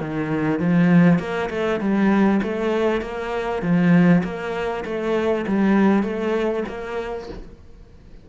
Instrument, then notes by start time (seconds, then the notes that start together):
cello
0.00 D#3
0.59 F3
1.19 A#3
1.49 A3
1.80 G3
2.42 A3
3.01 A#3
3.62 F3
4.23 A#3
4.85 A3
5.47 G3
6.03 A3
6.68 A#3